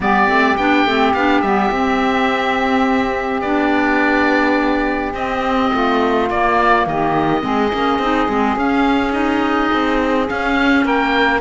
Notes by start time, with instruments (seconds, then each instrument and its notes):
0.00 cello G3, clarinet B3, saxophone G4, oboe D5
0.28 cello A3, clarinet C4
0.56 cello B3, clarinet D4, oboe G5
0.85 cello A3, clarinet C4
1.13 cello B3, clarinet D4, oboe F5
1.41 cello G3, clarinet B3, oboe E5
1.71 cello C4, clarinet C4
3.41 cello B3, clarinet D4, oboe D5
5.13 cello C4, clarinet C4, oboe D#5
5.72 cello A3, saxophone F4
6.30 cello A#3, clarinet A#3, oboe D5
6.86 cello D#3, saxophone G4, oboe D#5
7.40 cello G#3, clarinet C4, saxophone G#4
7.73 cello A#3, clarinet C#4
7.98 cello C4, clarinet D#4
8.28 cello G#3, clarinet C4
8.56 cello C#4, clarinet C#4, oboe F5
9.11 clarinet D#4, oboe D#5
9.72 cello C4
10.27 clarinet C#4, cello C#4, oboe F5
10.84 cello A#3, saxophone A#4, oboe G5